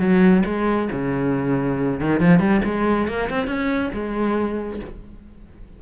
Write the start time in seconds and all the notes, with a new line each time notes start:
0.00 F#3
0.46 G#3
0.92 C#3
2.01 D#3
2.21 F3
2.40 G3
2.65 G#3
3.08 A#3
3.30 C4
3.47 C#4
3.94 G#3